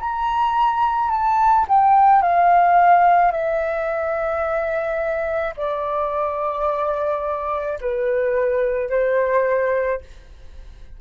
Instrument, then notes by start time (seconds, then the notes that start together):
flute
0.00 A#5
1.11 A5
1.68 G5
2.22 F5
3.32 E5
5.57 D5
7.81 B4
8.89 C5